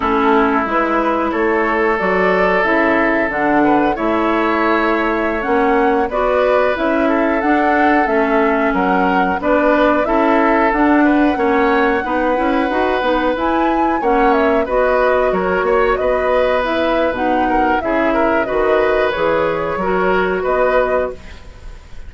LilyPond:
<<
  \new Staff \with { instrumentName = "flute" } { \time 4/4 \tempo 4 = 91 a'4 b'4 cis''4 d''4 | e''4 fis''4 e''2~ | e''16 fis''4 d''4 e''4 fis''8.~ | fis''16 e''4 fis''4 d''4 e''8.~ |
e''16 fis''2.~ fis''8.~ | fis''16 gis''4 fis''8 e''8 dis''4 cis''8.~ | cis''16 dis''4 e''8. fis''4 e''4 | dis''4 cis''2 dis''4 | }
  \new Staff \with { instrumentName = "oboe" } { \time 4/4 e'2 a'2~ | a'4. b'8 cis''2~ | cis''4~ cis''16 b'4. a'4~ a'16~ | a'4~ a'16 ais'4 b'4 a'8.~ |
a'8. b'8 cis''4 b'4.~ b'16~ | b'4~ b'16 cis''4 b'4 ais'8 cis''16~ | cis''16 b'2~ b'16 ais'8 gis'8 ais'8 | b'2 ais'4 b'4 | }
  \new Staff \with { instrumentName = "clarinet" } { \time 4/4 cis'4 e'2 fis'4 | e'4 d'4 e'2~ | e'16 cis'4 fis'4 e'4 d'8.~ | d'16 cis'2 d'4 e'8.~ |
e'16 d'4 cis'4 dis'8 e'8 fis'8 dis'16~ | dis'16 e'4 cis'4 fis'4.~ fis'16~ | fis'4~ fis'16 e'8. dis'4 e'4 | fis'4 gis'4 fis'2 | }
  \new Staff \with { instrumentName = "bassoon" } { \time 4/4 a4 gis4 a4 fis4 | cis4 d4 a2~ | a16 ais4 b4 cis'4 d'8.~ | d'16 a4 fis4 b4 cis'8.~ |
cis'16 d'4 ais4 b8 cis'8 dis'8 b16~ | b16 e'4 ais4 b4 fis8 ais16~ | ais16 b4.~ b16 b,4 cis4 | dis4 e4 fis4 b4 | }
>>